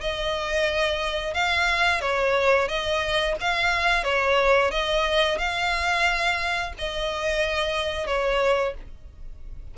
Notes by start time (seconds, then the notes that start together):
0.00 D#5
1.33 F5
2.01 C#5
2.68 D#5
3.40 F5
4.04 C#5
4.71 D#5
5.38 F5
6.78 D#5
8.07 C#5